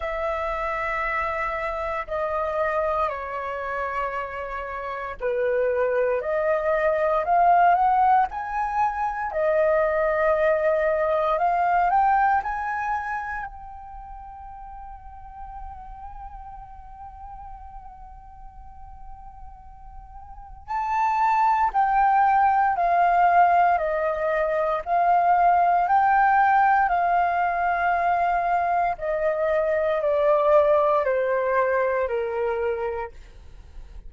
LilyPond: \new Staff \with { instrumentName = "flute" } { \time 4/4 \tempo 4 = 58 e''2 dis''4 cis''4~ | cis''4 b'4 dis''4 f''8 fis''8 | gis''4 dis''2 f''8 g''8 | gis''4 g''2.~ |
g''1 | a''4 g''4 f''4 dis''4 | f''4 g''4 f''2 | dis''4 d''4 c''4 ais'4 | }